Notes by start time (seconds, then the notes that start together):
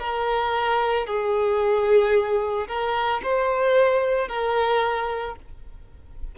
0.00 A#4
1.07 G#4
2.68 A#4
3.23 C5
4.29 A#4